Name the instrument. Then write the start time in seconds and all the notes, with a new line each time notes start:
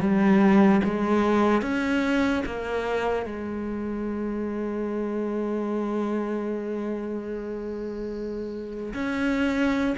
cello
0.00 G3
0.84 G#3
1.61 C#4
2.45 A#3
3.26 G#3
8.94 C#4